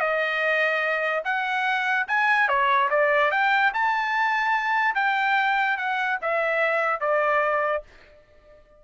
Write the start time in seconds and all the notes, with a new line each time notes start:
0.00 D#5
1.24 F#5
2.08 G#5
2.48 C#5
2.90 D5
3.31 G5
3.73 A5
4.95 G5
5.77 F#5
6.22 E5
7.00 D5